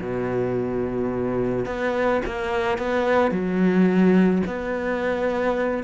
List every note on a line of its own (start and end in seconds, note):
0.00 1.65 B2
1.65 2.21 B3
2.25 2.78 A#3
2.78 3.31 B3
3.31 4.42 F#3
4.46 5.83 B3